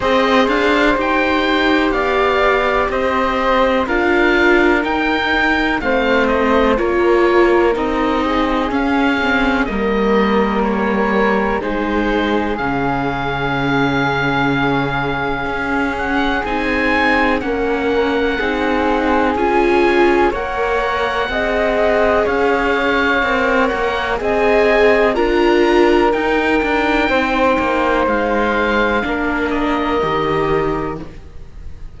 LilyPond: <<
  \new Staff \with { instrumentName = "oboe" } { \time 4/4 \tempo 4 = 62 dis''8 f''8 g''4 f''4 dis''4 | f''4 g''4 f''8 dis''8 cis''4 | dis''4 f''4 dis''4 cis''4 | c''4 f''2.~ |
f''8 fis''8 gis''4 fis''2 | gis''4 fis''2 f''4~ | f''8 fis''8 gis''4 ais''4 g''4~ | g''4 f''4. dis''4. | }
  \new Staff \with { instrumentName = "flute" } { \time 4/4 c''2 d''4 c''4 | ais'2 c''4 ais'4~ | ais'8 gis'4. ais'2 | gis'1~ |
gis'2 ais'4 gis'4~ | gis'4 cis''4 dis''4 cis''4~ | cis''4 dis''4 ais'2 | c''2 ais'2 | }
  \new Staff \with { instrumentName = "viola" } { \time 4/4 gis'4 g'2. | f'4 dis'4 c'4 f'4 | dis'4 cis'8 c'8 ais2 | dis'4 cis'2.~ |
cis'4 dis'4 cis'4 dis'4 | f'4 ais'4 gis'2 | ais'4 gis'4 f'4 dis'4~ | dis'2 d'4 g'4 | }
  \new Staff \with { instrumentName = "cello" } { \time 4/4 c'8 d'8 dis'4 b4 c'4 | d'4 dis'4 a4 ais4 | c'4 cis'4 g2 | gis4 cis2. |
cis'4 c'4 ais4 c'4 | cis'4 ais4 c'4 cis'4 | c'8 ais8 c'4 d'4 dis'8 d'8 | c'8 ais8 gis4 ais4 dis4 | }
>>